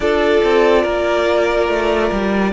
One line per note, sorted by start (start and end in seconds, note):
0.00 0.41 D4
0.00 2.52 F4
0.00 0.82 A4
0.00 2.52 D5
0.44 0.85 C4
0.82 1.68 A#3
0.82 2.51 A#4
1.68 2.11 A3
2.11 2.52 G3